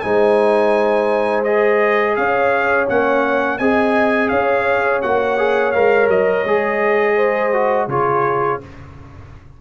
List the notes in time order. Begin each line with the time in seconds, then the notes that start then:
0.00 G#3 D#4 C5 G#5
1.44 G#4 D#5
2.16 C#4 C#5 F5
2.88 A#3 C#4 F#5
3.58 C4 G#4 D#5 G#5
4.29 C#4 C#5 F5
5.02 A#3 F#4 F#5
5.38 G#4
5.72 G#3 A#4 F5
6.08 F#3 D#5
6.45 G#3 G#4
7.16 C5
7.53 F#4
7.87 C#3 F4 G#4 C#5